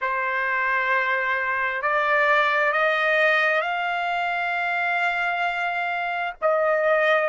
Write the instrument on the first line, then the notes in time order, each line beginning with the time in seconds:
trumpet
0.01 C5
1.82 D5
2.72 D#5
3.61 F5
6.41 D#5